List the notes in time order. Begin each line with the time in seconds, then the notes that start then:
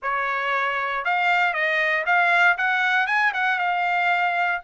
0.02 C#5
1.05 F5
1.53 D#5
2.06 F5
2.57 F#5
3.06 G#5
3.33 F#5
3.59 F5